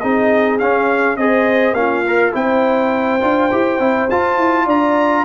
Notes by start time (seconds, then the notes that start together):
0.00 C4 D#4 G#4 D#5
0.59 C#4 F5
1.17 C4 G#4 C5 D#5
1.73 A#3 C#4 F4 F5
2.08 A#4
2.33 C4 E4 C5 G5
3.21 D4 F4
3.52 E4 G4
3.79 C4 E4
4.10 F4 A5
4.37 E4
4.65 D4 D5 A#5